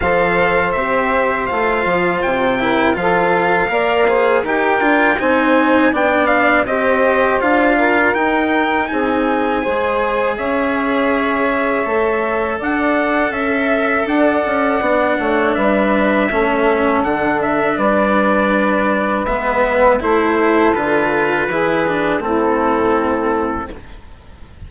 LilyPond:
<<
  \new Staff \with { instrumentName = "trumpet" } { \time 4/4 \tempo 4 = 81 f''4 e''4 f''4 g''4 | f''2 g''4 gis''4 | g''8 f''8 dis''4 f''4 g''4 | gis''2 e''2~ |
e''4 fis''4 e''4 fis''4~ | fis''4 e''2 fis''8 e''8 | d''2 e''4 c''4 | b'2 a'2 | }
  \new Staff \with { instrumentName = "saxophone" } { \time 4/4 c''2.~ c''8 ais'8 | a'4 d''8 c''8 ais'4 c''4 | d''4 c''4. ais'4. | gis'4 c''4 cis''2~ |
cis''4 d''4 e''4 d''4~ | d''8 cis''8 b'4 a'2 | b'2. a'4~ | a'4 gis'4 e'2 | }
  \new Staff \with { instrumentName = "cello" } { \time 4/4 a'4 g'4 f'4. e'8 | f'4 ais'8 gis'8 g'8 f'8 dis'4 | d'4 g'4 f'4 dis'4~ | dis'4 gis'2. |
a'1 | d'2 cis'4 d'4~ | d'2 b4 e'4 | f'4 e'8 d'8 c'2 | }
  \new Staff \with { instrumentName = "bassoon" } { \time 4/4 f4 c'4 a8 f8 c4 | f4 ais4 dis'8 d'8 c'4 | b4 c'4 d'4 dis'4 | c'4 gis4 cis'2 |
a4 d'4 cis'4 d'8 cis'8 | b8 a8 g4 a4 d4 | g2 gis4 a4 | d4 e4 a2 | }
>>